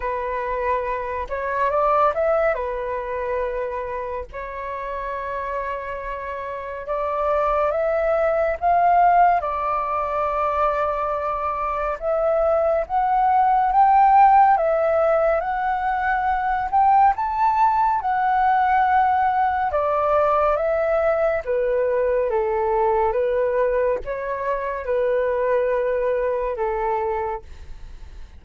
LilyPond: \new Staff \with { instrumentName = "flute" } { \time 4/4 \tempo 4 = 70 b'4. cis''8 d''8 e''8 b'4~ | b'4 cis''2. | d''4 e''4 f''4 d''4~ | d''2 e''4 fis''4 |
g''4 e''4 fis''4. g''8 | a''4 fis''2 d''4 | e''4 b'4 a'4 b'4 | cis''4 b'2 a'4 | }